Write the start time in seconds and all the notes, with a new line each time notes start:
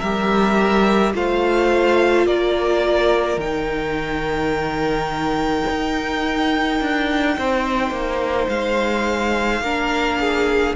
0.00 G3 G4 A#4 E5
1.14 A3 F4 C5 F5
2.27 A#3 A#4 D5
3.37 D#3 D#4 G5
5.70 D#4
6.81 D4
7.38 C4 C5
7.91 A#3
8.49 G#3 F5
9.61 A#3 D4 A#4
10.20 G#4